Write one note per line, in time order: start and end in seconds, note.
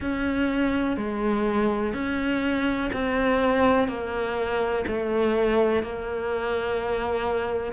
0.00 0.97 C#4
0.97 1.94 G#3
1.94 2.90 C#4
2.93 3.88 C4
3.88 4.84 A#3
4.87 5.82 A3
5.82 7.72 A#3